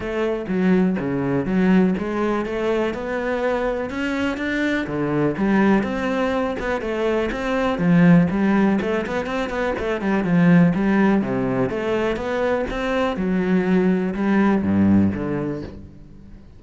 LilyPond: \new Staff \with { instrumentName = "cello" } { \time 4/4 \tempo 4 = 123 a4 fis4 cis4 fis4 | gis4 a4 b2 | cis'4 d'4 d4 g4 | c'4. b8 a4 c'4 |
f4 g4 a8 b8 c'8 b8 | a8 g8 f4 g4 c4 | a4 b4 c'4 fis4~ | fis4 g4 g,4 d4 | }